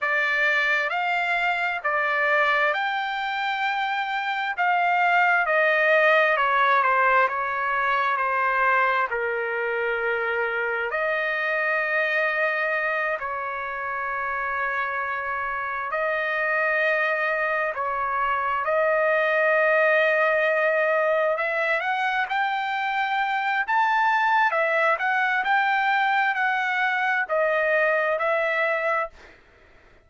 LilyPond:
\new Staff \with { instrumentName = "trumpet" } { \time 4/4 \tempo 4 = 66 d''4 f''4 d''4 g''4~ | g''4 f''4 dis''4 cis''8 c''8 | cis''4 c''4 ais'2 | dis''2~ dis''8 cis''4.~ |
cis''4. dis''2 cis''8~ | cis''8 dis''2. e''8 | fis''8 g''4. a''4 e''8 fis''8 | g''4 fis''4 dis''4 e''4 | }